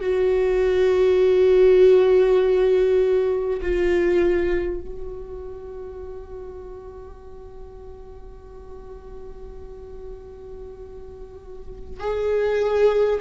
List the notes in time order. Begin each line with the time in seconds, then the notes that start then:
0.00 F#4
3.61 F4
4.80 F#4
11.99 G#4